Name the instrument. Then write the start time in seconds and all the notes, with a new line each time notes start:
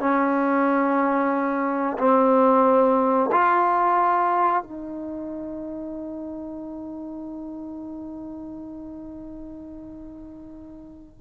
trombone
0.00 C#4
1.99 C4
3.32 F4
4.63 D#4